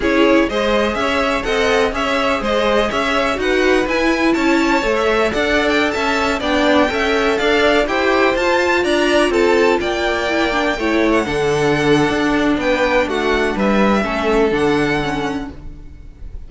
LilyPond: <<
  \new Staff \with { instrumentName = "violin" } { \time 4/4 \tempo 4 = 124 cis''4 dis''4 e''4 fis''4 | e''4 dis''4 e''4 fis''4 | gis''4 a''4~ a''16 e''8. fis''8. g''16~ | g''16 a''4 g''2 f''8.~ |
f''16 g''4 a''4 ais''4 a''8.~ | a''16 g''2~ g''8. fis''4~ | fis''2 g''4 fis''4 | e''2 fis''2 | }
  \new Staff \with { instrumentName = "violin" } { \time 4/4 gis'4 c''4 cis''4 dis''4 | cis''4 c''4 cis''4 b'4~ | b'4 cis''2 d''4~ | d''16 e''4 d''4 e''4 d''8.~ |
d''16 c''2 d''4 a'8.~ | a'16 d''2 cis''4 a'8.~ | a'2 b'4 fis'4 | b'4 a'2. | }
  \new Staff \with { instrumentName = "viola" } { \time 4/4 e'4 gis'2 a'4 | gis'2. fis'4 | e'2 a'2~ | a'4~ a'16 d'4 a'4.~ a'16~ |
a'16 g'4 f'2~ f'8.~ | f'4~ f'16 e'8 d'8 e'4 d'8.~ | d'1~ | d'4 cis'4 d'4 cis'4 | }
  \new Staff \with { instrumentName = "cello" } { \time 4/4 cis'4 gis4 cis'4 c'4 | cis'4 gis4 cis'4 dis'4 | e'4 cis'4 a4 d'4~ | d'16 cis'4 b4 cis'4 d'8.~ |
d'16 e'4 f'4 d'4 c'8.~ | c'16 ais2 a4 d8.~ | d4 d'4 b4 a4 | g4 a4 d2 | }
>>